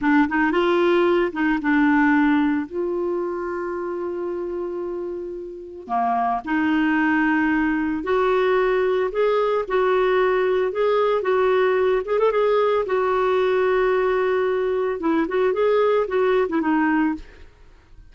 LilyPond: \new Staff \with { instrumentName = "clarinet" } { \time 4/4 \tempo 4 = 112 d'8 dis'8 f'4. dis'8 d'4~ | d'4 f'2.~ | f'2. ais4 | dis'2. fis'4~ |
fis'4 gis'4 fis'2 | gis'4 fis'4. gis'16 a'16 gis'4 | fis'1 | e'8 fis'8 gis'4 fis'8. e'16 dis'4 | }